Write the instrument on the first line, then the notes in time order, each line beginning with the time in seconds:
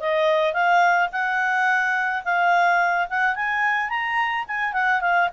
clarinet
0.00 D#5
0.54 F5
1.12 F#5
2.25 F5
3.09 F#5
3.36 G#5
3.89 A#5
4.47 G#5
4.73 F#5
5.01 F5